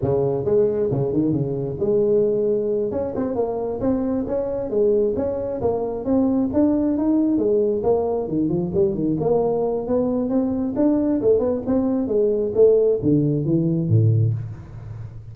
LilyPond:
\new Staff \with { instrumentName = "tuba" } { \time 4/4 \tempo 4 = 134 cis4 gis4 cis8 dis8 cis4 | gis2~ gis8 cis'8 c'8 ais8~ | ais8 c'4 cis'4 gis4 cis'8~ | cis'8 ais4 c'4 d'4 dis'8~ |
dis'8 gis4 ais4 dis8 f8 g8 | dis8 ais4. b4 c'4 | d'4 a8 b8 c'4 gis4 | a4 d4 e4 a,4 | }